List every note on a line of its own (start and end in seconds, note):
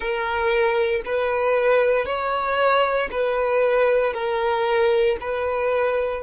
0.00 1.02 A#4
1.05 2.05 B4
2.05 3.09 C#5
3.11 4.13 B4
4.13 5.17 A#4
5.20 6.23 B4